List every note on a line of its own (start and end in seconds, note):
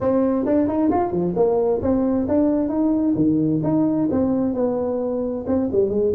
0.01 0.45 C4
0.45 0.67 D4
0.67 0.90 D#4
0.90 1.11 F4
1.11 1.34 F3
1.35 1.81 A#3
1.81 2.27 C4
2.27 2.69 D4
2.69 3.14 D#4
3.15 3.61 D#3
3.63 4.08 D#4
4.11 4.53 C4
4.53 5.44 B3
5.46 5.69 C4
5.72 5.89 G3
5.89 6.12 G#3